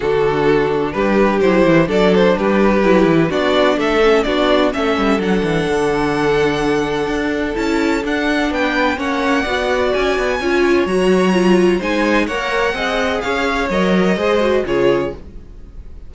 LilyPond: <<
  \new Staff \with { instrumentName = "violin" } { \time 4/4 \tempo 4 = 127 a'2 b'4 c''4 | d''8 c''8 b'2 d''4 | e''4 d''4 e''4 fis''4~ | fis''1 |
a''4 fis''4 g''4 fis''4~ | fis''4 gis''2 ais''4~ | ais''4 gis''4 fis''2 | f''4 dis''2 cis''4 | }
  \new Staff \with { instrumentName = "violin" } { \time 4/4 fis'2 g'2 | a'4 g'2 fis'4 | a'4 fis'4 a'2~ | a'1~ |
a'2 b'4 cis''4 | d''2 cis''2~ | cis''4 c''4 cis''4 dis''4 | cis''2 c''4 gis'4 | }
  \new Staff \with { instrumentName = "viola" } { \time 4/4 d'2. e'4 | d'2 e'4 d'4~ | d'8 cis'8 d'4 cis'4 d'4~ | d'1 |
e'4 d'2 cis'4 | fis'2 f'4 fis'4 | f'4 dis'4 ais'4 gis'4~ | gis'4 ais'4 gis'8 fis'8 f'4 | }
  \new Staff \with { instrumentName = "cello" } { \time 4/4 d2 g4 fis8 e8 | fis4 g4 fis8 e8 b4 | a4 b4 a8 g8 fis8 e8 | d2. d'4 |
cis'4 d'4 b4 ais4 | b4 cis'8 b8 cis'4 fis4~ | fis4 gis4 ais4 c'4 | cis'4 fis4 gis4 cis4 | }
>>